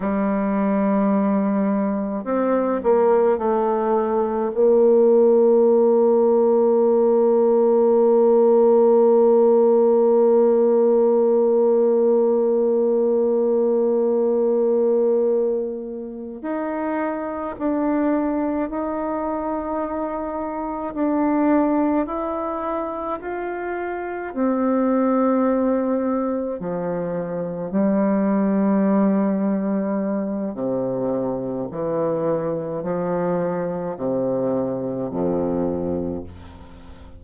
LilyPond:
\new Staff \with { instrumentName = "bassoon" } { \time 4/4 \tempo 4 = 53 g2 c'8 ais8 a4 | ais1~ | ais1~ | ais2~ ais8 dis'4 d'8~ |
d'8 dis'2 d'4 e'8~ | e'8 f'4 c'2 f8~ | f8 g2~ g8 c4 | e4 f4 c4 f,4 | }